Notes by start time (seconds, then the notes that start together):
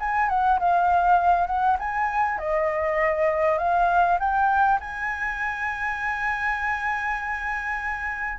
0.00 G#5
0.29 F#5
0.59 F5
1.47 F#5
1.79 G#5
2.38 D#5
3.58 F5
4.19 G5
4.81 G#5